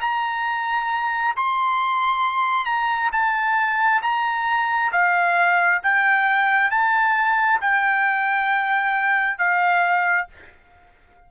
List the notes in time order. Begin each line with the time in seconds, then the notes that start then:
0.00 A#5
1.36 C6
2.65 A#5
3.12 A5
4.02 A#5
4.92 F5
5.82 G5
6.70 A5
7.61 G5
9.38 F5